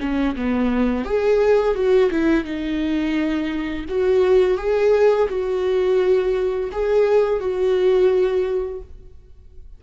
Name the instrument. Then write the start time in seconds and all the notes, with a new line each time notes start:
viola
0.00 C#4
0.36 B3
1.05 G#4
1.75 F#4
2.11 E4
2.44 D#4
3.89 F#4
4.58 G#4
5.29 F#4
6.72 G#4
7.40 F#4